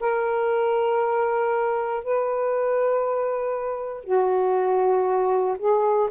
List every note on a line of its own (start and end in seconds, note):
0.00 2.03 A#4
2.03 4.04 B4
4.04 5.56 F#4
5.58 6.09 G#4